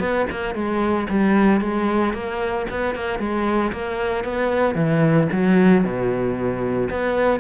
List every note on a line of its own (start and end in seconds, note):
0.00 0.26 B3
0.31 0.55 A#3
0.55 1.07 G#3
1.10 1.61 G3
1.61 2.14 G#3
2.14 2.67 A#3
2.71 2.95 B3
2.95 3.19 A#3
3.19 3.72 G#3
3.73 4.25 A#3
4.25 4.75 B3
4.75 5.28 E3
5.33 5.85 F#3
5.85 6.90 B2
6.90 7.40 B3